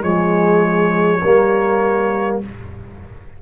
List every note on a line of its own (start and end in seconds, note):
0.00 1.21 F3
0.00 1.18 G#3
0.00 1.21 G#4
0.00 2.38 C#5
1.21 2.41 G3
1.21 2.42 A#3
1.21 2.38 A#4